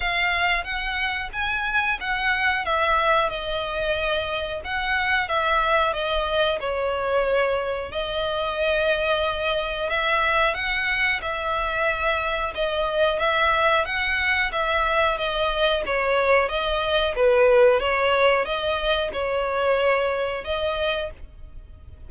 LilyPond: \new Staff \with { instrumentName = "violin" } { \time 4/4 \tempo 4 = 91 f''4 fis''4 gis''4 fis''4 | e''4 dis''2 fis''4 | e''4 dis''4 cis''2 | dis''2. e''4 |
fis''4 e''2 dis''4 | e''4 fis''4 e''4 dis''4 | cis''4 dis''4 b'4 cis''4 | dis''4 cis''2 dis''4 | }